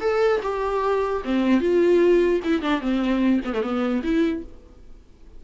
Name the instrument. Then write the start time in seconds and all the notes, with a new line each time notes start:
viola
0.00 A4
0.42 G4
1.24 C4
1.60 F4
2.43 E4
2.61 D4
2.81 C4
3.44 B3
3.53 A3
3.62 B3
4.03 E4